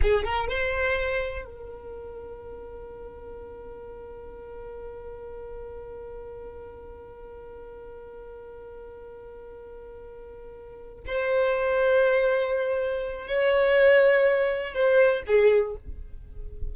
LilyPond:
\new Staff \with { instrumentName = "violin" } { \time 4/4 \tempo 4 = 122 gis'8 ais'8 c''2 ais'4~ | ais'1~ | ais'1~ | ais'1~ |
ais'1~ | ais'2~ ais'8 c''4.~ | c''2. cis''4~ | cis''2 c''4 gis'4 | }